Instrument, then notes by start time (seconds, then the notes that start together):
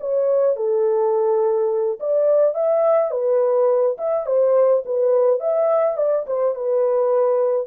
horn
0.00 C#5
0.56 A4
2.00 D5
2.55 E5
3.11 B4
3.97 E5
4.26 C5
4.85 B4
5.40 E5
5.97 D5
6.26 C5
6.55 B4